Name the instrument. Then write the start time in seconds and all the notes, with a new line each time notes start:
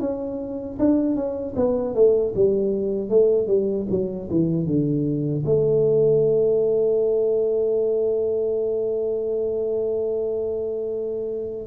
tuba
0.00 C#4
0.79 D4
1.15 C#4
1.56 B3
1.94 A3
2.35 G3
3.10 A3
3.47 G3
3.90 F#3
4.30 E3
4.66 D3
5.45 A3